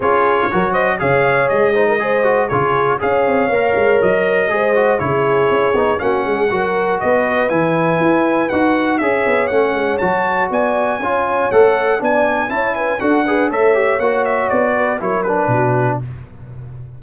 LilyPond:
<<
  \new Staff \with { instrumentName = "trumpet" } { \time 4/4 \tempo 4 = 120 cis''4. dis''8 f''4 dis''4~ | dis''4 cis''4 f''2 | dis''2 cis''2 | fis''2 dis''4 gis''4~ |
gis''4 fis''4 e''4 fis''4 | a''4 gis''2 fis''4 | gis''4 a''8 gis''8 fis''4 e''4 | fis''8 e''8 d''4 cis''8 b'4. | }
  \new Staff \with { instrumentName = "horn" } { \time 4/4 gis'4 ais'8 c''8 cis''4. c''16 ais'16 | c''4 gis'4 cis''2~ | cis''4 c''4 gis'2 | fis'8 gis'8 ais'4 b'2~ |
b'2 cis''2~ | cis''4 d''4 cis''2 | d''4 cis''8 b'8 a'8 b'8 cis''4~ | cis''4. b'8 ais'4 fis'4 | }
  \new Staff \with { instrumentName = "trombone" } { \time 4/4 f'4 fis'4 gis'4. dis'8 | gis'8 fis'8 f'4 gis'4 ais'4~ | ais'4 gis'8 fis'8 e'4. dis'8 | cis'4 fis'2 e'4~ |
e'4 fis'4 gis'4 cis'4 | fis'2 f'4 a'4 | d'4 e'4 fis'8 gis'8 a'8 g'8 | fis'2 e'8 d'4. | }
  \new Staff \with { instrumentName = "tuba" } { \time 4/4 cis'4 fis4 cis4 gis4~ | gis4 cis4 cis'8 c'8 ais8 gis8 | fis4 gis4 cis4 cis'8 b8 | ais8 gis8 fis4 b4 e4 |
e'4 dis'4 cis'8 b8 a8 gis8 | fis4 b4 cis'4 a4 | b4 cis'4 d'4 a4 | ais4 b4 fis4 b,4 | }
>>